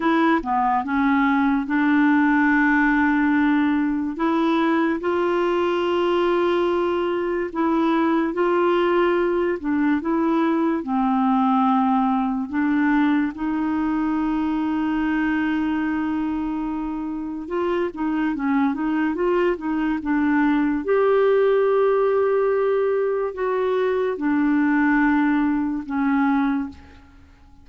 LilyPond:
\new Staff \with { instrumentName = "clarinet" } { \time 4/4 \tempo 4 = 72 e'8 b8 cis'4 d'2~ | d'4 e'4 f'2~ | f'4 e'4 f'4. d'8 | e'4 c'2 d'4 |
dis'1~ | dis'4 f'8 dis'8 cis'8 dis'8 f'8 dis'8 | d'4 g'2. | fis'4 d'2 cis'4 | }